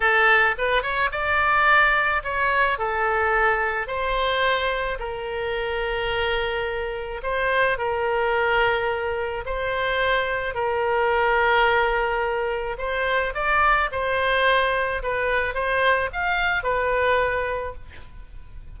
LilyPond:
\new Staff \with { instrumentName = "oboe" } { \time 4/4 \tempo 4 = 108 a'4 b'8 cis''8 d''2 | cis''4 a'2 c''4~ | c''4 ais'2.~ | ais'4 c''4 ais'2~ |
ais'4 c''2 ais'4~ | ais'2. c''4 | d''4 c''2 b'4 | c''4 f''4 b'2 | }